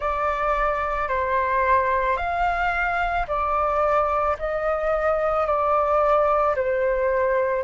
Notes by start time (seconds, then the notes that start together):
0.00 D5
1.08 C5
2.17 F5
3.27 D5
4.38 D#5
5.46 D5
6.55 C5